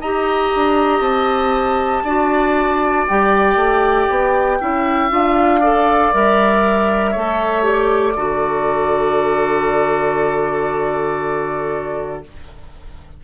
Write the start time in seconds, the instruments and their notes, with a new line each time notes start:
0.00 bassoon D#4, clarinet G4, oboe D#5, flute A#5
0.55 bassoon D4
1.00 bassoon C4, flute A5
2.03 bassoon D4, clarinet F#4, oboe D5
3.07 bassoon G3, clarinet G4, flute G5
3.55 bassoon A3
4.09 bassoon B3
4.60 bassoon C#4, clarinet E4, oboe E5
5.10 bassoon D4, clarinet F4, flute F5
5.60 clarinet A4, oboe D5
6.12 bassoon G3, clarinet A#4, flute E5
7.11 bassoon A3, clarinet A4, oboe C#5
7.62 clarinet G4, flute D5
8.15 bassoon D3, clarinet F#4, oboe A4